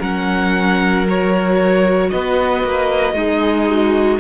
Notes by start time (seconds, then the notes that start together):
0.00 F#3 C#4 A#4 F#5
1.08 F#4 C#5
2.11 B3 B4 D#5
2.64 A#3
3.14 G#3 D#4 G#4
3.71 F#4